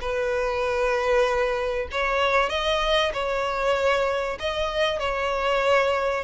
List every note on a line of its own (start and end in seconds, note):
0.00 1.88 B4
1.91 2.49 C#5
2.49 3.12 D#5
3.13 4.38 C#5
4.39 4.99 D#5
4.99 6.24 C#5